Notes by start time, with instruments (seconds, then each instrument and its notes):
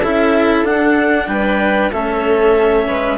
0.00 bassoon C#4, cello E4, viola A4, clarinet E5
0.64 bassoon D4, cello D4, clarinet F#5
1.27 bassoon G3, viola B4, clarinet G5
1.91 bassoon A3, cello C#4, viola A4, clarinet E5
2.87 bassoon G#3, viola B4